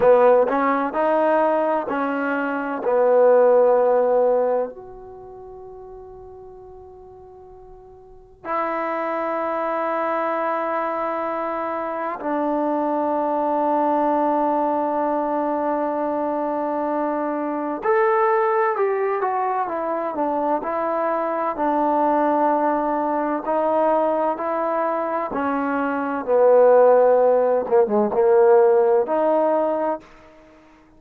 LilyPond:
\new Staff \with { instrumentName = "trombone" } { \time 4/4 \tempo 4 = 64 b8 cis'8 dis'4 cis'4 b4~ | b4 fis'2.~ | fis'4 e'2.~ | e'4 d'2.~ |
d'2. a'4 | g'8 fis'8 e'8 d'8 e'4 d'4~ | d'4 dis'4 e'4 cis'4 | b4. ais16 gis16 ais4 dis'4 | }